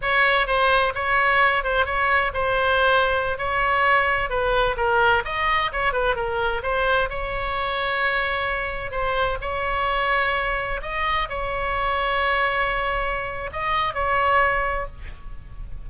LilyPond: \new Staff \with { instrumentName = "oboe" } { \time 4/4 \tempo 4 = 129 cis''4 c''4 cis''4. c''8 | cis''4 c''2~ c''16 cis''8.~ | cis''4~ cis''16 b'4 ais'4 dis''8.~ | dis''16 cis''8 b'8 ais'4 c''4 cis''8.~ |
cis''2.~ cis''16 c''8.~ | c''16 cis''2. dis''8.~ | dis''16 cis''2.~ cis''8.~ | cis''4 dis''4 cis''2 | }